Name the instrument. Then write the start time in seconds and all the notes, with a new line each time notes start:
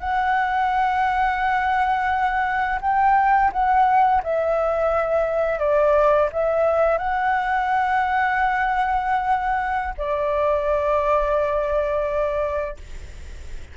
flute
0.00 F#5
2.81 G5
3.52 F#5
4.23 E5
5.59 D5
6.32 E5
6.98 F#5
9.98 D5